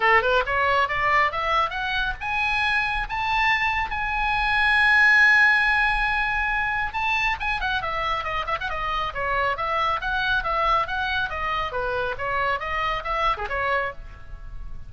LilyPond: \new Staff \with { instrumentName = "oboe" } { \time 4/4 \tempo 4 = 138 a'8 b'8 cis''4 d''4 e''4 | fis''4 gis''2 a''4~ | a''4 gis''2.~ | gis''1 |
a''4 gis''8 fis''8 e''4 dis''8 e''16 fis''16 | dis''4 cis''4 e''4 fis''4 | e''4 fis''4 dis''4 b'4 | cis''4 dis''4 e''8. gis'16 cis''4 | }